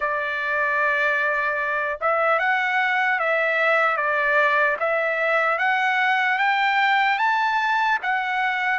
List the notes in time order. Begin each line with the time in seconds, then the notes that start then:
0.00 D5
2.00 E5
2.39 F#5
3.19 E5
3.96 D5
4.79 E5
5.58 F#5
6.38 G5
7.18 A5
8.02 F#5